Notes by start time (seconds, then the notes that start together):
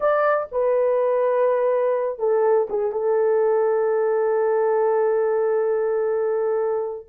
0.00 D5
0.51 B4
2.18 A4
2.69 G#4
2.92 A4